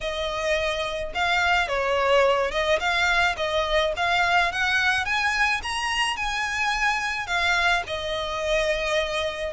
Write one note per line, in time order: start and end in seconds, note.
0.00 1.12 D#5
1.14 1.67 F5
1.67 2.51 C#5
2.51 2.79 D#5
2.79 3.35 F5
3.36 3.93 D#5
3.96 4.52 F5
4.52 5.05 F#5
5.05 5.61 G#5
5.62 6.16 A#5
6.16 7.26 G#5
7.26 7.82 F5
7.86 9.53 D#5